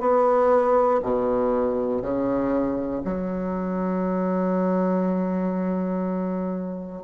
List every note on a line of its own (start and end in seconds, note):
0.00 1.00 B3
1.02 2.02 B2
2.02 3.02 C#3
3.05 7.03 F#3